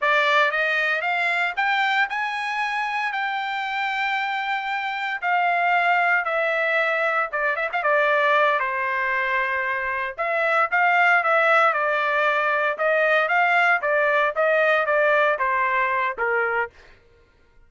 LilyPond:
\new Staff \with { instrumentName = "trumpet" } { \time 4/4 \tempo 4 = 115 d''4 dis''4 f''4 g''4 | gis''2 g''2~ | g''2 f''2 | e''2 d''8 e''16 f''16 d''4~ |
d''8 c''2. e''8~ | e''8 f''4 e''4 d''4.~ | d''8 dis''4 f''4 d''4 dis''8~ | dis''8 d''4 c''4. ais'4 | }